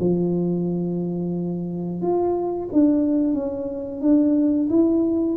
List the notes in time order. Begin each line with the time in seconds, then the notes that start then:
0.00 F3
2.02 F4
2.72 D4
3.34 C#4
4.01 D4
4.70 E4